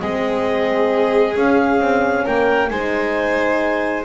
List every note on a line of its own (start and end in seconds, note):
0.00 1.36 G#3
0.00 1.35 C4
0.00 2.24 G#4
0.00 1.35 D#5
1.35 2.71 C#4
1.35 1.80 C#4
1.35 2.27 F5
1.80 2.26 C4
2.24 2.70 A#3
2.24 2.69 A#4
2.24 2.69 G5
2.69 4.05 G#3
2.69 4.05 D#4
2.69 4.05 C5
2.69 4.05 G#5